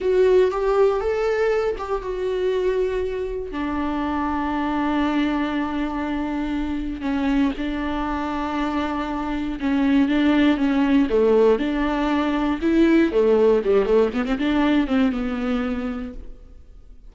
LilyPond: \new Staff \with { instrumentName = "viola" } { \time 4/4 \tempo 4 = 119 fis'4 g'4 a'4. g'8 | fis'2. d'4~ | d'1~ | d'2 cis'4 d'4~ |
d'2. cis'4 | d'4 cis'4 a4 d'4~ | d'4 e'4 a4 g8 a8 | b16 c'16 d'4 c'8 b2 | }